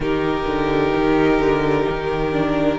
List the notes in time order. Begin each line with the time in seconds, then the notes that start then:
0.00 D#3 D#4 G4 A#4
0.46 D3
0.95 D#3
1.39 D3
1.89 D#3
2.31 D4